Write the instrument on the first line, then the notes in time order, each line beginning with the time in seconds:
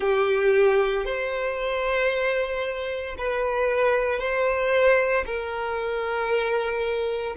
violin
0.00 G4
1.05 C5
3.18 B4
4.19 C5
5.26 A#4